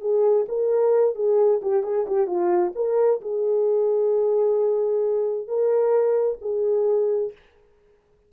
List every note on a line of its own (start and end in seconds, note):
0.00 0.45 G#4
0.48 1.15 A#4
1.15 1.60 G#4
1.61 1.83 G4
1.83 2.06 G#4
2.06 2.26 G4
2.26 2.72 F4
2.75 3.20 A#4
3.21 5.47 G#4
5.47 6.38 A#4
6.41 7.32 G#4